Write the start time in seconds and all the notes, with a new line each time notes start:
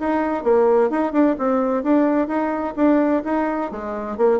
0.00 D#4
0.44 A#3
0.90 D#4
1.13 D4
1.39 C4
1.84 D4
2.28 D#4
2.77 D4
3.25 D#4
3.71 G#3
4.18 A#3